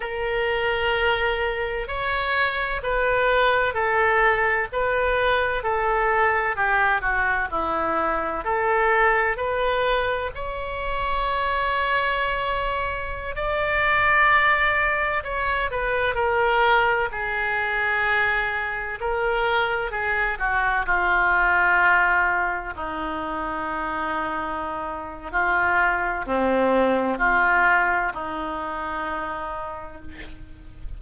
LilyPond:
\new Staff \with { instrumentName = "oboe" } { \time 4/4 \tempo 4 = 64 ais'2 cis''4 b'4 | a'4 b'4 a'4 g'8 fis'8 | e'4 a'4 b'4 cis''4~ | cis''2~ cis''16 d''4.~ d''16~ |
d''16 cis''8 b'8 ais'4 gis'4.~ gis'16~ | gis'16 ais'4 gis'8 fis'8 f'4.~ f'16~ | f'16 dis'2~ dis'8. f'4 | c'4 f'4 dis'2 | }